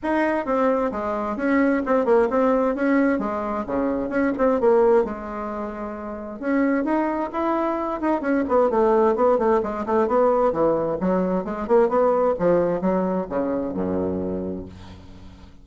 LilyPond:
\new Staff \with { instrumentName = "bassoon" } { \time 4/4 \tempo 4 = 131 dis'4 c'4 gis4 cis'4 | c'8 ais8 c'4 cis'4 gis4 | cis4 cis'8 c'8 ais4 gis4~ | gis2 cis'4 dis'4 |
e'4. dis'8 cis'8 b8 a4 | b8 a8 gis8 a8 b4 e4 | fis4 gis8 ais8 b4 f4 | fis4 cis4 fis,2 | }